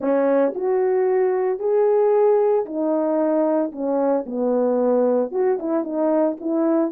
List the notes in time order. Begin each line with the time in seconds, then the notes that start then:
0.00 C#4
0.54 F#4
1.59 G#4
2.65 D#4
3.71 C#4
4.26 B3
5.31 F#4
5.59 E4
5.83 D#4
6.40 E4